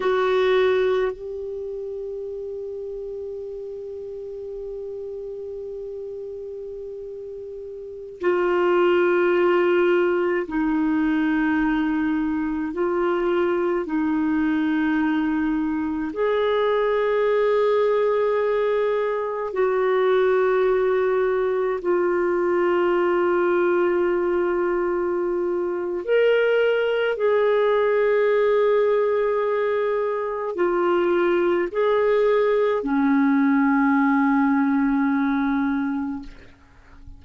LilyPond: \new Staff \with { instrumentName = "clarinet" } { \time 4/4 \tempo 4 = 53 fis'4 g'2.~ | g'2.~ g'16 f'8.~ | f'4~ f'16 dis'2 f'8.~ | f'16 dis'2 gis'4.~ gis'16~ |
gis'4~ gis'16 fis'2 f'8.~ | f'2. ais'4 | gis'2. f'4 | gis'4 cis'2. | }